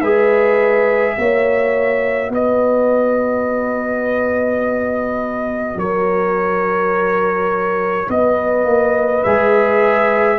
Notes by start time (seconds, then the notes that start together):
0.00 G#3 G#4 B4 E5
1.18 A#3 F#4 C#5
2.29 B3 B4 D#5
5.76 F#3 A#4 C#5
8.09 B3 B4 D#5
8.65 A#3
9.24 G#3 G#4 E5